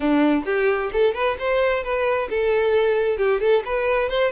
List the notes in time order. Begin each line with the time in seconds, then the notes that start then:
0.00 D4
0.45 G4
0.92 A4
1.14 B4
1.38 C5
1.83 B4
2.30 A4
3.17 G4
3.40 A4
3.65 B4
4.09 C5